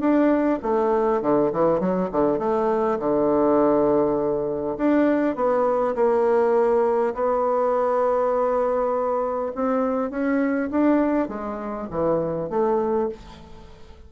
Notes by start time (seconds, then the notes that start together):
0.00 D4
0.62 A3
1.22 D3
1.52 E3
1.80 F#3
2.12 D3
2.39 A3
2.99 D3
4.78 D4
5.35 B3
5.95 A#3
7.14 B3
9.55 C4
10.10 C#4
10.71 D4
11.28 G#3
11.91 E3
12.50 A3